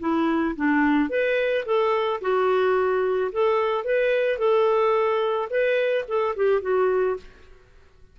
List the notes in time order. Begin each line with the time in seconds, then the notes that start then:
0.00 E4
0.56 D4
1.10 B4
1.65 A4
2.21 F#4
3.32 A4
3.85 B4
4.38 A4
5.50 B4
6.08 A4
6.36 G4
6.62 F#4